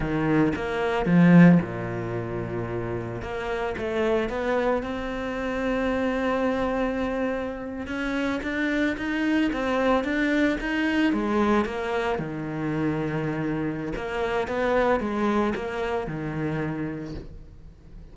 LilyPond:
\new Staff \with { instrumentName = "cello" } { \time 4/4 \tempo 4 = 112 dis4 ais4 f4 ais,4~ | ais,2 ais4 a4 | b4 c'2.~ | c'2~ c'8. cis'4 d'16~ |
d'8. dis'4 c'4 d'4 dis'16~ | dis'8. gis4 ais4 dis4~ dis16~ | dis2 ais4 b4 | gis4 ais4 dis2 | }